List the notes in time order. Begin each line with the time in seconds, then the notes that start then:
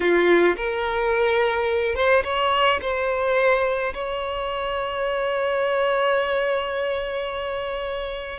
0.00 F4
0.56 A#4
1.95 C5
2.24 C#5
2.81 C5
3.94 C#5